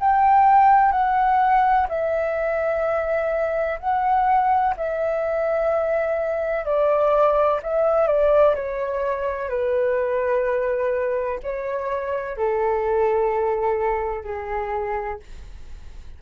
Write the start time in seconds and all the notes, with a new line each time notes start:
0.00 G5
0.92 F#5
1.89 E5
3.80 F#5
4.77 E5
6.65 D5
7.63 E5
8.07 D5
8.55 C#5
9.49 B4
11.43 C#5
12.37 A4
14.24 G#4